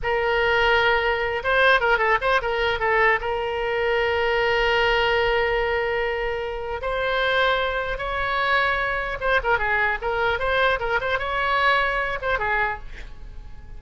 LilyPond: \new Staff \with { instrumentName = "oboe" } { \time 4/4 \tempo 4 = 150 ais'2.~ ais'8 c''8~ | c''8 ais'8 a'8 c''8 ais'4 a'4 | ais'1~ | ais'1~ |
ais'4 c''2. | cis''2. c''8 ais'8 | gis'4 ais'4 c''4 ais'8 c''8 | cis''2~ cis''8 c''8 gis'4 | }